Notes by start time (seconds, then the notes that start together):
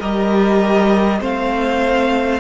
0.00 G3 G4 A#4 D#5
1.20 A3 C4 C5 F5